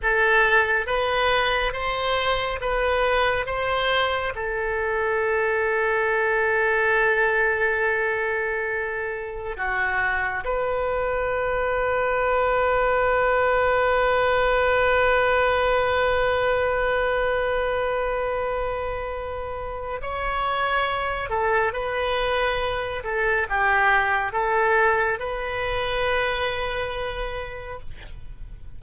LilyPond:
\new Staff \with { instrumentName = "oboe" } { \time 4/4 \tempo 4 = 69 a'4 b'4 c''4 b'4 | c''4 a'2.~ | a'2. fis'4 | b'1~ |
b'1~ | b'2. cis''4~ | cis''8 a'8 b'4. a'8 g'4 | a'4 b'2. | }